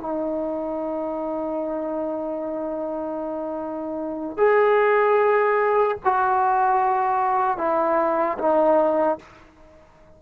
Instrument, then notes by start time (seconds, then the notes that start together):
trombone
0.00 D#4
4.37 G#4
6.05 F#4
7.58 E4
8.39 D#4